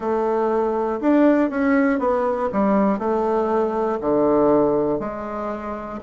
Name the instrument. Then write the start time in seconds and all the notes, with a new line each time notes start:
bassoon
0.00 A3
1.00 D4
1.50 C#4
1.99 B3
2.52 G3
2.99 A3
4.00 D3
5.00 G#3